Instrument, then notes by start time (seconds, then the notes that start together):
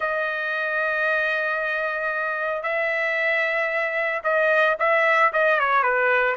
trumpet
0.00 D#5
2.62 E5
4.23 D#5
4.79 E5
5.32 D#5
5.59 C#5
5.83 B4